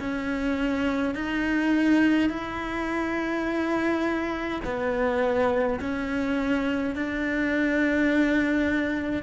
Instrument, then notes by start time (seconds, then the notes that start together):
cello
0.00 C#4
1.15 D#4
2.30 E4
4.65 B3
5.80 C#4
6.95 D4